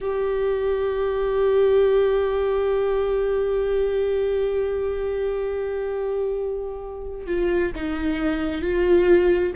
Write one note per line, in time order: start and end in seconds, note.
0.00 7.26 G4
7.26 7.71 F4
7.75 8.61 D#4
8.61 9.52 F4